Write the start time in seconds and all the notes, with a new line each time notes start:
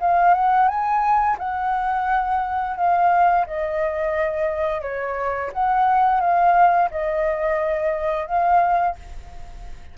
0.00 F5
0.34 F#5
0.68 G#5
1.38 F#5
2.76 F5
3.46 D#5
4.82 C#5
5.53 F#5
6.20 F5
6.91 D#5
8.26 F5